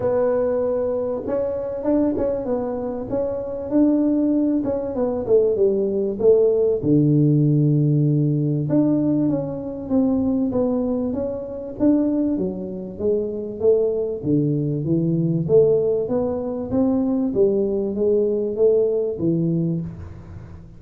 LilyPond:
\new Staff \with { instrumentName = "tuba" } { \time 4/4 \tempo 4 = 97 b2 cis'4 d'8 cis'8 | b4 cis'4 d'4. cis'8 | b8 a8 g4 a4 d4~ | d2 d'4 cis'4 |
c'4 b4 cis'4 d'4 | fis4 gis4 a4 d4 | e4 a4 b4 c'4 | g4 gis4 a4 e4 | }